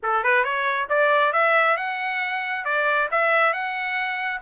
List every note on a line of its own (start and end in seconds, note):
0.02 0.23 A4
0.23 0.44 B4
0.44 0.88 C#5
0.89 1.32 D5
1.32 1.76 E5
1.76 2.65 F#5
2.65 3.09 D5
3.11 3.53 E5
3.53 4.41 F#5